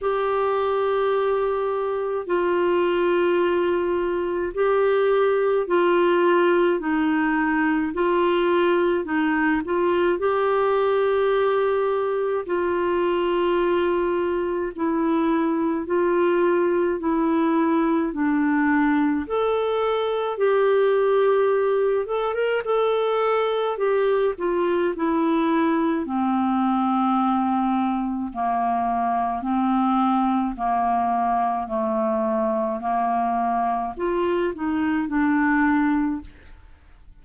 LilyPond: \new Staff \with { instrumentName = "clarinet" } { \time 4/4 \tempo 4 = 53 g'2 f'2 | g'4 f'4 dis'4 f'4 | dis'8 f'8 g'2 f'4~ | f'4 e'4 f'4 e'4 |
d'4 a'4 g'4. a'16 ais'16 | a'4 g'8 f'8 e'4 c'4~ | c'4 ais4 c'4 ais4 | a4 ais4 f'8 dis'8 d'4 | }